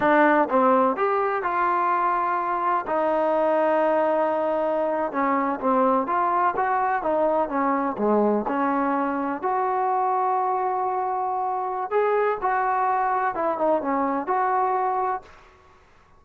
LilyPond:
\new Staff \with { instrumentName = "trombone" } { \time 4/4 \tempo 4 = 126 d'4 c'4 g'4 f'4~ | f'2 dis'2~ | dis'2~ dis'8. cis'4 c'16~ | c'8. f'4 fis'4 dis'4 cis'16~ |
cis'8. gis4 cis'2 fis'16~ | fis'1~ | fis'4 gis'4 fis'2 | e'8 dis'8 cis'4 fis'2 | }